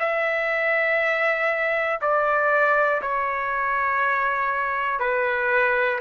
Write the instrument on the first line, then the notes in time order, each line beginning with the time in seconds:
trumpet
0.00 E5
2.01 D5
3.01 C#5
5.00 B4